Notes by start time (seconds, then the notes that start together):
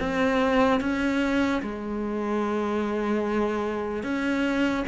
0.00 C4
0.81 C#4
1.63 G#3
4.04 C#4